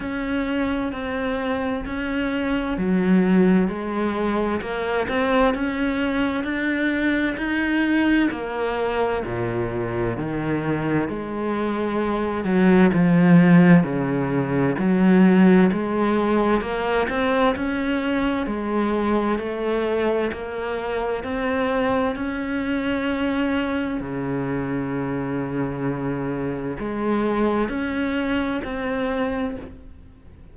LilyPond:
\new Staff \with { instrumentName = "cello" } { \time 4/4 \tempo 4 = 65 cis'4 c'4 cis'4 fis4 | gis4 ais8 c'8 cis'4 d'4 | dis'4 ais4 ais,4 dis4 | gis4. fis8 f4 cis4 |
fis4 gis4 ais8 c'8 cis'4 | gis4 a4 ais4 c'4 | cis'2 cis2~ | cis4 gis4 cis'4 c'4 | }